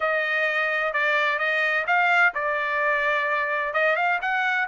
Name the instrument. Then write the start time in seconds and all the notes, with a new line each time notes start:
trumpet
0.00 D#5
0.93 D5
1.38 D#5
1.86 F5
2.34 D5
3.73 D#5
3.96 F5
4.21 F#5